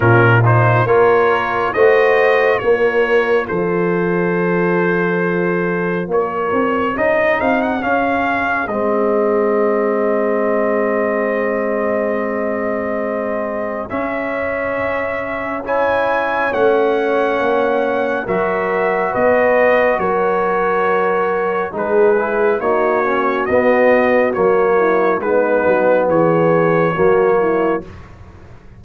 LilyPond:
<<
  \new Staff \with { instrumentName = "trumpet" } { \time 4/4 \tempo 4 = 69 ais'8 c''8 cis''4 dis''4 cis''4 | c''2. cis''4 | dis''8 f''16 fis''16 f''4 dis''2~ | dis''1 |
e''2 gis''4 fis''4~ | fis''4 e''4 dis''4 cis''4~ | cis''4 b'4 cis''4 dis''4 | cis''4 b'4 cis''2 | }
  \new Staff \with { instrumentName = "horn" } { \time 4/4 f'4 ais'4 c''4 ais'4 | a'2. ais'4 | gis'1~ | gis'1~ |
gis'2 cis''2~ | cis''4 ais'4 b'4 ais'4~ | ais'4 gis'4 fis'2~ | fis'8 e'8 dis'4 gis'4 fis'8 e'8 | }
  \new Staff \with { instrumentName = "trombone" } { \time 4/4 cis'8 dis'8 f'4 fis'4 f'4~ | f'1 | dis'4 cis'4 c'2~ | c'1 |
cis'2 e'4 cis'4~ | cis'4 fis'2.~ | fis'4 dis'8 e'8 dis'8 cis'8 b4 | ais4 b2 ais4 | }
  \new Staff \with { instrumentName = "tuba" } { \time 4/4 ais,4 ais4 a4 ais4 | f2. ais8 c'8 | cis'8 c'8 cis'4 gis2~ | gis1 |
cis'2. a4 | ais4 fis4 b4 fis4~ | fis4 gis4 ais4 b4 | fis4 gis8 fis8 e4 fis4 | }
>>